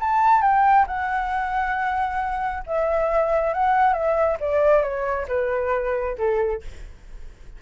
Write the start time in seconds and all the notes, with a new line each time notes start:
0.00 A5
0.41 G5
0.87 F#5
2.66 E5
3.53 F#5
3.93 E5
4.40 D5
4.82 C#5
5.28 B4
6.18 A4